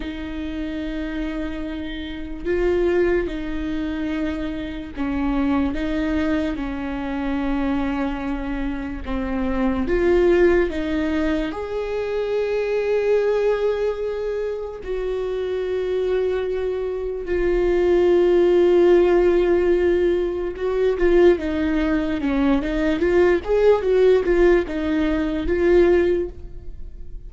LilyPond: \new Staff \with { instrumentName = "viola" } { \time 4/4 \tempo 4 = 73 dis'2. f'4 | dis'2 cis'4 dis'4 | cis'2. c'4 | f'4 dis'4 gis'2~ |
gis'2 fis'2~ | fis'4 f'2.~ | f'4 fis'8 f'8 dis'4 cis'8 dis'8 | f'8 gis'8 fis'8 f'8 dis'4 f'4 | }